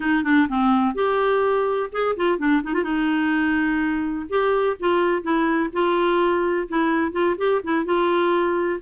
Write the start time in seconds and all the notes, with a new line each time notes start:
0.00 D#4
0.23 D4
0.48 C4
0.94 G4
1.92 G#4
2.16 F4
2.38 D4
2.63 D#4
2.73 F4
2.83 D#4
4.29 G4
4.79 F4
5.22 E4
5.72 F4
6.68 E4
7.12 F4
7.37 G4
7.63 E4
7.85 F4